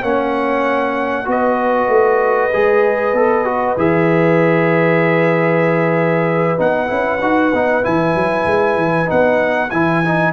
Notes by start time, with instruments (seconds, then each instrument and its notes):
0.00 tuba A#3, trombone C#4, horn C#5, trumpet F#5
1.25 tuba B3, trombone F#4, horn B4, trumpet D#5
1.88 tuba A3
2.53 tuba G#3, trombone G#4
3.12 tuba B3, trombone A4
3.44 trombone F#4
3.77 tuba E3, trombone G#4, trumpet E5
6.57 tuba B3, trombone D#4, trumpet F#5
6.87 tuba C#4, trombone E4
7.21 tuba D#4, trombone F#4
7.54 tuba B3, trombone D#4
7.82 tuba E3, trombone E4, trumpet G#5
8.14 tuba F#3
8.46 tuba G#3
8.76 tuba E3
9.05 tuba B3, trombone D#4, trumpet F#5
9.70 tuba E3, trombone E4, trumpet G#5
10.04 trombone D#4